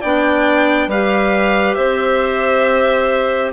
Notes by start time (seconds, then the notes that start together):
0.00 B3 D4 D5 G5
0.87 G3 G4 B4 F5
1.74 C4 C5 E5